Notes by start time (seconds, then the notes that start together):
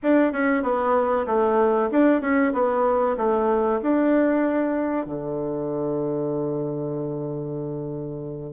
0.02 D4
0.32 C#4
0.63 B3
1.26 A3
1.91 D4
2.21 C#4
2.53 B3
3.17 A3
3.82 D4
5.06 D3